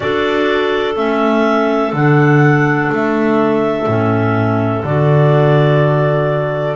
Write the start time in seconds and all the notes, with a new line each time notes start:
0.00 D4 F#4 A4 D5
0.96 A3 C#4 E5
1.92 D3 D4 F#5
2.91 A3 E5
3.86 A2 C#4
4.83 D3 F#4 D5